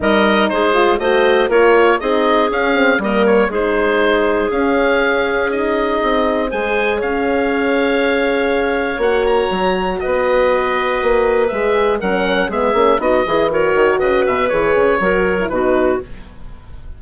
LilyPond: <<
  \new Staff \with { instrumentName = "oboe" } { \time 4/4 \tempo 4 = 120 dis''4 c''4 dis''4 cis''4 | dis''4 f''4 dis''8 cis''8 c''4~ | c''4 f''2 dis''4~ | dis''4 gis''4 f''2~ |
f''2 fis''8 ais''4. | dis''2. e''4 | fis''4 e''4 dis''4 cis''4 | dis''8 e''8 cis''2 b'4 | }
  \new Staff \with { instrumentName = "clarinet" } { \time 4/4 ais'4 gis'4 c''4 ais'4 | gis'2 ais'4 gis'4~ | gis'1~ | gis'4 c''4 cis''2~ |
cis''1 | b'1 | ais'4 gis'4 fis'8 gis'8 ais'4 | b'2 ais'4 fis'4 | }
  \new Staff \with { instrumentName = "horn" } { \time 4/4 dis'4. f'8 fis'4 f'4 | dis'4 cis'8 c'8 ais4 dis'4~ | dis'4 cis'2 dis'4~ | dis'4 gis'2.~ |
gis'2 fis'2~ | fis'2. gis'4 | cis'4 b8 cis'8 dis'8 e'8 fis'4~ | fis'4 gis'4 fis'8. e'16 dis'4 | }
  \new Staff \with { instrumentName = "bassoon" } { \time 4/4 g4 gis4 a4 ais4 | c'4 cis'4 g4 gis4~ | gis4 cis'2. | c'4 gis4 cis'2~ |
cis'2 ais4 fis4 | b2 ais4 gis4 | fis4 gis8 ais8 b8 e4 dis8 | cis8 b,8 e8 cis8 fis4 b,4 | }
>>